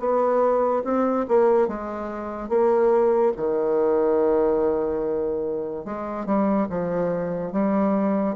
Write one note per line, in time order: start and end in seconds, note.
0.00 0.83 B3
0.84 1.26 C4
1.29 1.68 A#3
1.68 2.50 G#3
2.50 3.33 A#3
3.37 5.85 D#3
5.85 6.26 G#3
6.26 6.68 G3
6.70 7.53 F3
7.53 8.36 G3